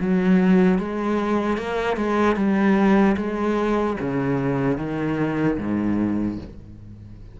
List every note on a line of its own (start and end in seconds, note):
0.00 0.78 F#3
0.78 1.57 G#3
1.57 1.96 A#3
1.96 2.36 G#3
2.36 3.16 G3
3.17 3.97 G#3
4.00 4.77 C#3
4.77 5.57 D#3
5.58 6.38 G#2